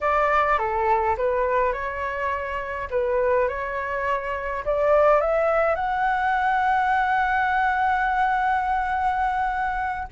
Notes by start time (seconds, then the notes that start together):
0.01 D5
0.58 A4
1.17 B4
1.73 C#5
2.90 B4
3.48 C#5
4.65 D5
5.20 E5
5.75 F#5